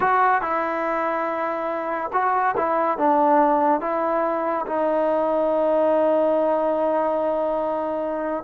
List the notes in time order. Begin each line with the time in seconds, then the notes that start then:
0.00 F#4
0.41 E4
2.12 F#4
2.56 E4
2.98 D4
3.80 E4
4.66 D#4